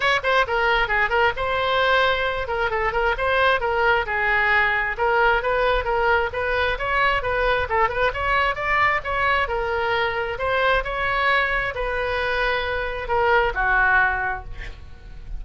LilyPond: \new Staff \with { instrumentName = "oboe" } { \time 4/4 \tempo 4 = 133 cis''8 c''8 ais'4 gis'8 ais'8 c''4~ | c''4. ais'8 a'8 ais'8 c''4 | ais'4 gis'2 ais'4 | b'4 ais'4 b'4 cis''4 |
b'4 a'8 b'8 cis''4 d''4 | cis''4 ais'2 c''4 | cis''2 b'2~ | b'4 ais'4 fis'2 | }